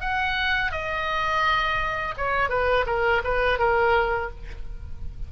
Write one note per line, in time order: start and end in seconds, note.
0.00 0.71 F#5
0.71 2.14 D#5
2.17 2.49 C#5
2.49 2.85 B4
2.86 3.22 A#4
3.24 3.58 B4
3.58 4.30 A#4